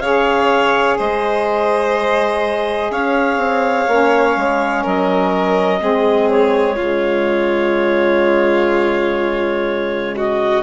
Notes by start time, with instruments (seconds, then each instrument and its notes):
0.00 bassoon C#3, saxophone G#4, violin C#5, clarinet F5
0.98 bassoon G#3, violin C5, clarinet D#5
2.91 bassoon C#4, violin C#5, clarinet F5
3.37 bassoon C4
3.88 bassoon A#3, saxophone C#4
4.36 bassoon G#3
4.83 bassoon F#3, violin A#4, clarinet D#5
5.80 bassoon G#3, saxophone C4, violin G#4
6.30 clarinet C#5
6.76 bassoon C#3, saxophone G#3, violin F4
10.16 violin F#4, clarinet D#5